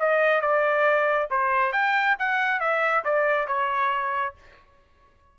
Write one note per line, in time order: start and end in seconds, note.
0.00 0.42 D#5
0.42 1.29 D5
1.31 1.73 C5
1.73 2.17 G5
2.19 2.60 F#5
2.60 3.04 E5
3.05 3.48 D5
3.48 4.35 C#5